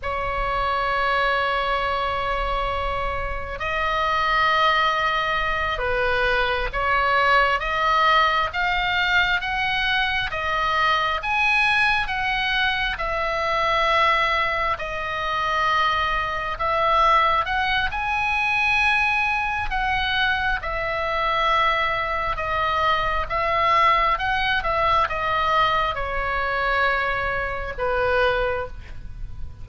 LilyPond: \new Staff \with { instrumentName = "oboe" } { \time 4/4 \tempo 4 = 67 cis''1 | dis''2~ dis''8 b'4 cis''8~ | cis''8 dis''4 f''4 fis''4 dis''8~ | dis''8 gis''4 fis''4 e''4.~ |
e''8 dis''2 e''4 fis''8 | gis''2 fis''4 e''4~ | e''4 dis''4 e''4 fis''8 e''8 | dis''4 cis''2 b'4 | }